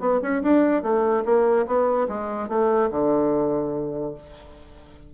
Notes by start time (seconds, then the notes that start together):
0.00 B3
0.22 C#4
0.43 D4
0.83 A3
1.25 A#3
1.67 B3
2.08 G#3
2.49 A3
2.91 D3